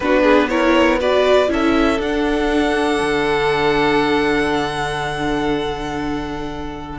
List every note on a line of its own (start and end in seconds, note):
0.00 1.48 B3
0.00 0.49 D4
0.00 0.22 F#4
0.00 0.48 B4
0.22 0.47 G#4
0.48 0.99 E4
0.48 0.99 A#4
0.48 0.98 C#5
0.99 1.47 F#4
0.99 1.49 B4
0.99 1.51 D5
1.47 1.98 C#4
1.47 1.97 E4
1.47 6.98 A4
1.47 2.01 E5
1.98 2.98 D4
1.98 6.98 D4
1.98 6.98 F#5
3.01 6.98 D3